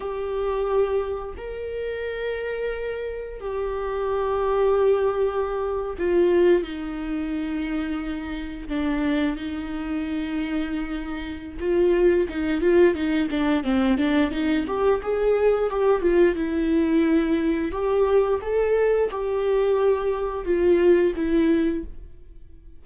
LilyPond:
\new Staff \with { instrumentName = "viola" } { \time 4/4 \tempo 4 = 88 g'2 ais'2~ | ais'4 g'2.~ | g'8. f'4 dis'2~ dis'16~ | dis'8. d'4 dis'2~ dis'16~ |
dis'4 f'4 dis'8 f'8 dis'8 d'8 | c'8 d'8 dis'8 g'8 gis'4 g'8 f'8 | e'2 g'4 a'4 | g'2 f'4 e'4 | }